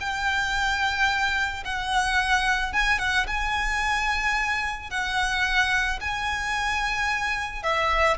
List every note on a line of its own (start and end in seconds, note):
0.00 1.64 G5
1.65 2.73 F#5
2.73 2.99 G#5
2.99 3.26 F#5
3.27 4.90 G#5
4.90 6.00 F#5
6.00 7.63 G#5
7.63 8.17 E5